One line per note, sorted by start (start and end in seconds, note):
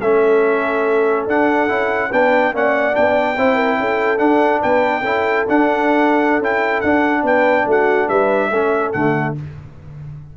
0.00 1.26 A3
0.00 1.29 C#4
0.00 2.10 A4
0.00 1.26 E5
1.26 1.68 D4
1.26 2.12 F#5
1.68 2.11 C#4
1.68 2.10 E4
2.10 2.53 B3
2.10 2.53 D4
2.10 2.52 B4
2.10 2.54 G5
2.53 2.95 A#3
2.53 2.93 C#4
2.53 3.37 D5
2.53 2.95 F#5
2.93 3.37 B3
2.93 3.35 D4
2.93 4.18 G5
3.37 3.78 C4
3.37 4.18 E4
3.37 3.55 C5
3.55 3.76 A#4
3.78 4.19 C#4
3.78 4.61 A4
4.18 5.02 D4
4.18 4.61 D4
4.18 4.60 F#5
4.61 5.03 B3
4.61 5.01 B4
4.61 5.46 G5
5.01 5.44 C#4
5.01 5.47 E4
5.01 7.21 A4
5.48 6.39 D4
5.48 6.42 D4
5.48 6.43 F#5
6.39 6.81 C#4
6.39 6.84 E4
6.39 6.81 G5
6.81 7.22 D4
6.81 8.52 D4
6.81 7.23 F#5
7.22 7.64 B3
7.22 7.66 B4
7.22 7.68 G5
7.66 8.08 A3
7.66 8.08 F#4
7.66 8.08 F#5
8.08 8.50 G3
8.08 8.50 B4
8.08 8.92 E5
8.50 8.92 A3
8.50 8.93 C#4
8.50 9.34 A4
8.92 9.36 D3
8.92 9.35 A3
8.92 9.34 F#5